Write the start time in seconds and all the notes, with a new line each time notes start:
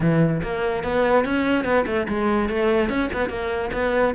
0.00 E3
0.42 A#3
0.83 B3
1.25 C#4
1.64 B3
1.86 A3
2.07 G#3
2.49 A3
2.89 C#4
3.12 B3
3.29 A#3
3.73 B3